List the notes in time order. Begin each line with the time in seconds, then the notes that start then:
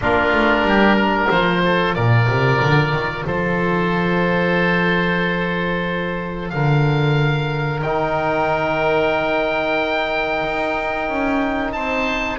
0.01 A#3 D4 F4 A#4
0.32 A3
0.62 G3 G4
0.96 A#4
1.29 F3 F4 C5
1.64 A4
1.94 A#2 A#4 D5
2.27 C3
2.61 D3
2.92 D#3
3.25 F3 A4 C5
6.49 D3 A#4 F5
7.81 D#3 D#4 G5
10.44 D#4
11.09 C#4
11.72 C4 C5 A5